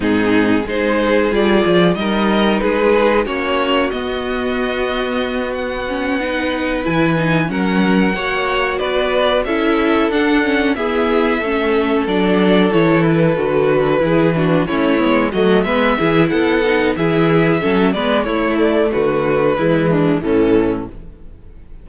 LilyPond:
<<
  \new Staff \with { instrumentName = "violin" } { \time 4/4 \tempo 4 = 92 gis'4 c''4 d''4 dis''4 | b'4 cis''4 dis''2~ | dis''8 fis''2 gis''4 fis''8~ | fis''4. d''4 e''4 fis''8~ |
fis''8 e''2 d''4 cis''8 | b'2~ b'8 cis''4 dis''8 | e''4 fis''4 e''4. d''8 | cis''8 d''8 b'2 a'4 | }
  \new Staff \with { instrumentName = "violin" } { \time 4/4 dis'4 gis'2 ais'4 | gis'4 fis'2.~ | fis'4. b'2 ais'8~ | ais'8 cis''4 b'4 a'4.~ |
a'8 gis'4 a'2~ a'8~ | a'4. gis'8 fis'8 e'4 fis'8 | b'8 gis'8 a'4 gis'4 a'8 b'8 | e'4 fis'4 e'8 d'8 cis'4 | }
  \new Staff \with { instrumentName = "viola" } { \time 4/4 c'4 dis'4 f'4 dis'4~ | dis'4 cis'4 b2~ | b4 cis'8 dis'4 e'8 dis'8 cis'8~ | cis'8 fis'2 e'4 d'8 |
cis'8 b4 cis'4 d'4 e'8~ | e'8 fis'4 e'8 d'8 cis'8 b8 a8 | b8 e'4 dis'8 e'4 cis'8 b8 | a2 gis4 e4 | }
  \new Staff \with { instrumentName = "cello" } { \time 4/4 gis,4 gis4 g8 f8 g4 | gis4 ais4 b2~ | b2~ b8 e4 fis8~ | fis8 ais4 b4 cis'4 d'8~ |
d'8 e'4 a4 fis4 e8~ | e8 d4 e4 a8 gis8 fis8 | gis8 e8 b4 e4 fis8 gis8 | a4 d4 e4 a,4 | }
>>